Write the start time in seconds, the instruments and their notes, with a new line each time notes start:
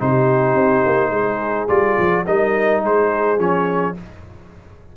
0.00 tuba C3, trombone D#4, horn G4, trumpet C5
0.55 tuba C4
0.86 tuba A#3
1.11 tuba G#3, horn G#4
1.69 tuba G3, trombone F4, trumpet D5
1.99 tuba F3
2.26 tuba G3, trombone D#4, horn A#4, trumpet D#5
2.82 tuba G#3, horn G#4, trumpet C5
3.38 tuba F3, trombone C#4, trumpet C#5